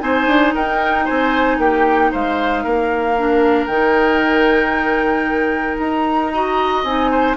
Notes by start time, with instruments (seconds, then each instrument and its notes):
0.00 bassoon C4, clarinet D#4, oboe C5, flute G#5
0.27 bassoon D4
0.54 bassoon D#4, oboe A#4, flute G5
1.05 bassoon C4, oboe C5, flute G#5
1.58 bassoon A#3, oboe G4, flute G5
2.12 bassoon G#3, oboe C5, flute F5
2.64 bassoon A#3, oboe A#4
3.17 clarinet D4
3.67 bassoon D#3, clarinet D#4, flute G5
5.78 bassoon D#4, flute A#5
6.33 clarinet F#4, oboe D#5
6.84 bassoon C4, clarinet D#4, flute G#5
7.11 oboe C5